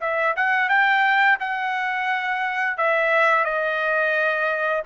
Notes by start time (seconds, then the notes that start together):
0.00 E5
0.36 F#5
0.69 G5
1.39 F#5
2.77 E5
3.44 D#5